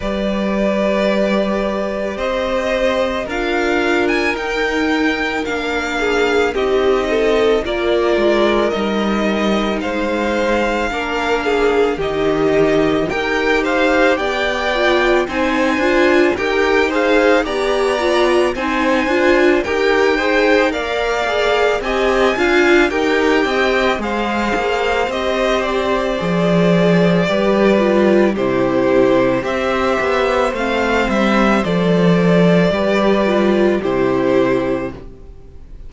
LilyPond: <<
  \new Staff \with { instrumentName = "violin" } { \time 4/4 \tempo 4 = 55 d''2 dis''4 f''8. gis''16 | g''4 f''4 dis''4 d''4 | dis''4 f''2 dis''4 | g''8 f''8 g''4 gis''4 g''8 f''8 |
ais''4 gis''4 g''4 f''4 | gis''4 g''4 f''4 dis''8 d''8~ | d''2 c''4 e''4 | f''8 e''8 d''2 c''4 | }
  \new Staff \with { instrumentName = "violin" } { \time 4/4 b'2 c''4 ais'4~ | ais'4. gis'8 g'8 a'8 ais'4~ | ais'4 c''4 ais'8 gis'8 g'4 | ais'8 c''8 d''4 c''4 ais'8 c''8 |
d''4 c''4 ais'8 c''8 d''4 | dis''8 f''8 ais'8 dis''8 c''2~ | c''4 b'4 g'4 c''4~ | c''2 b'4 g'4 | }
  \new Staff \with { instrumentName = "viola" } { \time 4/4 g'2. f'4 | dis'4 d'4 dis'4 f'4 | dis'2 d'4 dis'4 | g'4. f'8 dis'8 f'8 g'8 gis'8 |
g'8 f'8 dis'8 f'8 g'8 gis'8 ais'8 gis'8 | g'8 f'8 g'4 gis'4 g'4 | gis'4 g'8 f'8 e'4 g'4 | c'4 a'4 g'8 f'8 e'4 | }
  \new Staff \with { instrumentName = "cello" } { \time 4/4 g2 c'4 d'4 | dis'4 ais4 c'4 ais8 gis8 | g4 gis4 ais4 dis4 | dis'4 b4 c'8 d'8 dis'4 |
b4 c'8 d'8 dis'4 ais4 | c'8 d'8 dis'8 c'8 gis8 ais8 c'4 | f4 g4 c4 c'8 b8 | a8 g8 f4 g4 c4 | }
>>